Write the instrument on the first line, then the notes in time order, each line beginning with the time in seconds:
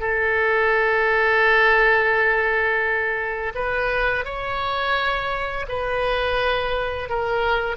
oboe
0.00 A4
3.55 B4
4.25 C#5
5.69 B4
7.09 A#4